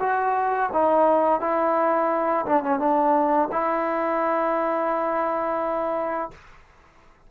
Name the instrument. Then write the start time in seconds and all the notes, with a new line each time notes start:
trombone
0.00 F#4
0.73 D#4
1.41 E4
2.46 D4
2.63 C#4
2.79 D4
3.52 E4